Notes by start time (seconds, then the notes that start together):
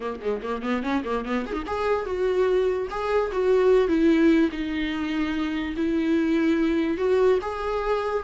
0.00 A#3
0.21 G#3
0.42 A#3
0.62 B3
0.82 C#4
1.04 A#3
1.25 B3
1.46 G#4
1.52 D#4
1.66 G#4
2.05 F#4
2.90 G#4
3.31 F#4
3.88 E4
4.51 D#4
5.76 E4
6.97 F#4
7.41 G#4